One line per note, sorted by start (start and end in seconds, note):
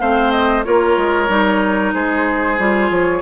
0.00 0.65 A3
0.00 0.64 C4
0.00 0.65 C5
0.00 0.31 F5
0.31 0.64 D#5
0.64 0.97 A#3
0.64 1.28 F4
0.64 1.94 A#4
0.64 1.93 C#5
0.97 1.29 G#3
1.28 1.93 G3
1.28 2.57 D#4
1.93 2.59 G#3
1.93 3.22 G#4
1.93 2.90 C5
2.59 2.90 G3
2.59 3.22 F4
2.90 3.22 F3
2.90 3.22 C#5